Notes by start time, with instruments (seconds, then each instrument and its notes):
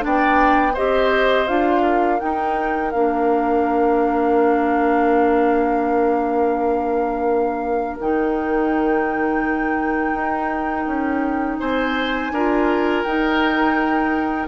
0.00 bassoon B3, clarinet D4, oboe D5, flute G5
0.74 bassoon C4, clarinet G4, oboe C5, flute D#5
1.47 bassoon D4, clarinet F4, flute F5
1.82 oboe A#4
2.20 clarinet D#4, bassoon D#4, flute G5
2.91 bassoon A#3, clarinet D4, flute F5
8.00 bassoon D#3, clarinet D#4, flute G5
10.14 bassoon D#4
10.86 bassoon C#4
11.59 bassoon C4, oboe C5, flute G#5
12.31 bassoon D4, clarinet F4, oboe A#4
13.03 clarinet D#4, bassoon D#4, flute G5